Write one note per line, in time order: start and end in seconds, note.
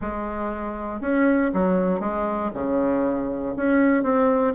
0.01 1.00 G#3
1.00 1.51 C#4
1.53 2.00 F#3
2.00 2.50 G#3
2.54 3.55 C#3
3.56 4.03 C#4
4.03 4.53 C4